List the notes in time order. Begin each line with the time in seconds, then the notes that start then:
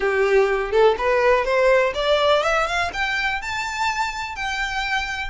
0.00 G4
0.71 A4
0.98 B4
1.44 C5
1.94 D5
2.42 E5
2.66 F5
2.93 G5
3.41 A5
4.35 G5